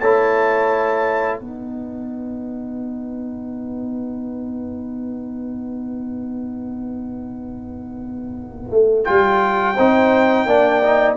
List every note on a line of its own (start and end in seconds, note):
0.00 1.40 A3
0.00 1.41 E4
0.00 1.40 C#5
0.00 1.39 A5
1.39 8.71 B3
1.39 9.05 D#4
1.39 9.75 B4
1.39 9.05 F#5
8.71 9.06 A3
9.05 9.78 G3
9.05 9.74 F4
9.05 11.14 G5
9.75 10.46 C4
9.75 10.48 D#4
9.75 10.45 C5
10.46 11.15 A#3
10.46 10.82 D4
10.46 11.17 D5
10.83 11.17 D#4